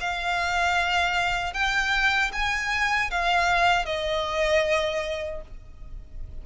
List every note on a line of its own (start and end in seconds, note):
0.00 1.53 F5
1.53 2.31 G5
2.32 3.10 G#5
3.10 3.85 F5
3.85 5.41 D#5